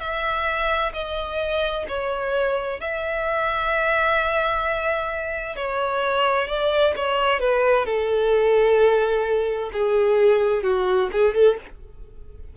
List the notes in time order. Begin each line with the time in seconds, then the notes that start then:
0.00 E5
0.93 D#5
1.88 C#5
2.80 E5
5.56 C#5
6.48 D5
6.96 C#5
7.40 B4
7.86 A4
9.73 G#4
10.63 F#4
11.12 G#4
11.35 A4